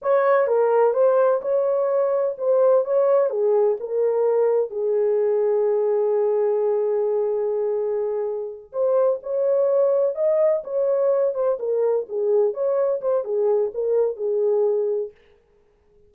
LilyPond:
\new Staff \with { instrumentName = "horn" } { \time 4/4 \tempo 4 = 127 cis''4 ais'4 c''4 cis''4~ | cis''4 c''4 cis''4 gis'4 | ais'2 gis'2~ | gis'1~ |
gis'2~ gis'8 c''4 cis''8~ | cis''4. dis''4 cis''4. | c''8 ais'4 gis'4 cis''4 c''8 | gis'4 ais'4 gis'2 | }